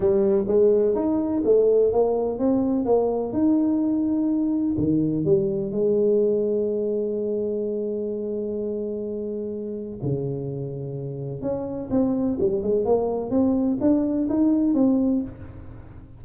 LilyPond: \new Staff \with { instrumentName = "tuba" } { \time 4/4 \tempo 4 = 126 g4 gis4 dis'4 a4 | ais4 c'4 ais4 dis'4~ | dis'2 dis4 g4 | gis1~ |
gis1~ | gis4 cis2. | cis'4 c'4 g8 gis8 ais4 | c'4 d'4 dis'4 c'4 | }